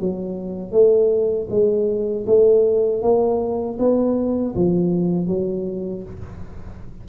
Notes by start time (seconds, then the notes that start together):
0.00 F#3
0.72 A3
1.50 G#3
2.26 A3
3.02 A#3
3.79 B3
4.55 F3
5.27 F#3